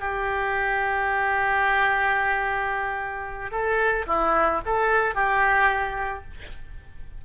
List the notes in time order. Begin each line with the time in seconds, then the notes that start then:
0.00 G4
3.51 A4
4.07 E4
4.66 A4
5.15 G4